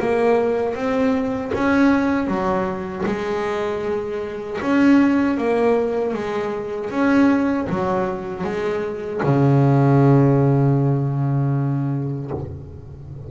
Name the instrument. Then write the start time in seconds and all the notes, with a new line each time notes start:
double bass
0.00 A#3
0.75 C4
1.54 C#4
2.27 F#3
3.06 G#3
4.62 C#4
5.38 A#3
6.14 G#3
6.91 C#4
7.70 F#3
8.44 G#3
9.23 C#3